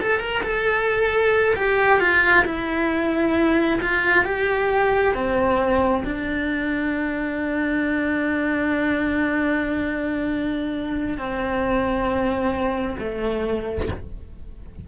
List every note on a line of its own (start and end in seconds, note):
0.00 0.20 A4
0.20 0.42 A#4
0.43 1.55 A4
1.55 2.00 G4
2.00 2.45 F4
2.45 3.79 E4
3.81 4.25 F4
4.25 5.14 G4
5.14 6.03 C4
6.04 11.18 D4
11.18 12.97 C4
12.99 13.88 A3